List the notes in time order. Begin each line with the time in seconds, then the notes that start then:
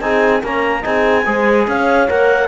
0.00 C4 D#4 G#4 G#5
0.41 A#3 C#4 A#4 A#5
0.82 C4 D#4 G#4 G#5
1.25 G#3 G#4 C5
1.67 C#4 C#5 F5
2.08 A#3 A#4 F#5